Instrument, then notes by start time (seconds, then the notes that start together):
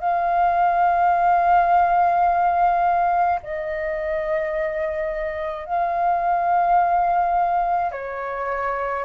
flute
0.00 F5
3.43 D#5
5.66 F5
7.91 C#5